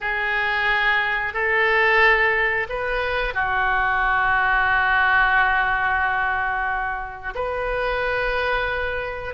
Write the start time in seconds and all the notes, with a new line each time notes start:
0.00 G#4
1.33 A4
2.69 B4
3.34 F#4
7.34 B4